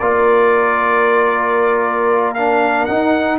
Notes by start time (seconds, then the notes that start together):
0.00 A#3 F4 A#4 D5
2.35 D4 F5
2.86 D#4 F#5